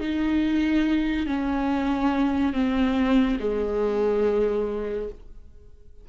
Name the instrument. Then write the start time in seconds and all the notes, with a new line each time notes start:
viola
0.00 D#4
1.26 C#4
2.53 C4
3.40 G#3